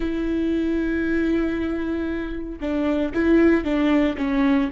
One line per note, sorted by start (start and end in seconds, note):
0.00 2.59 E4
2.60 3.13 D4
3.14 3.64 E4
3.64 4.16 D4
4.17 4.69 C#4